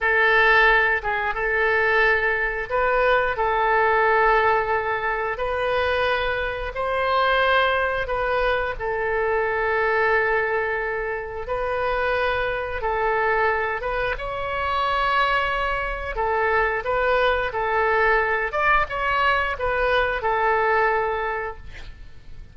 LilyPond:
\new Staff \with { instrumentName = "oboe" } { \time 4/4 \tempo 4 = 89 a'4. gis'8 a'2 | b'4 a'2. | b'2 c''2 | b'4 a'2.~ |
a'4 b'2 a'4~ | a'8 b'8 cis''2. | a'4 b'4 a'4. d''8 | cis''4 b'4 a'2 | }